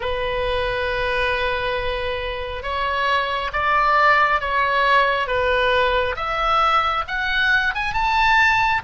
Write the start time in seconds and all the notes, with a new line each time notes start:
0.00 B4
2.62 C#5
3.53 D5
4.40 C#5
5.27 B4
6.15 E5
7.07 F#5
7.74 G#5
7.93 A5